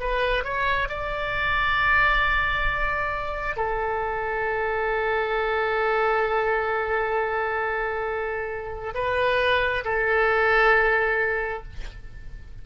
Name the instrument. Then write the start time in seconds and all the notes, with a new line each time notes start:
oboe
0.00 B4
0.44 C#5
0.89 D5
3.56 A4
8.95 B4
9.84 A4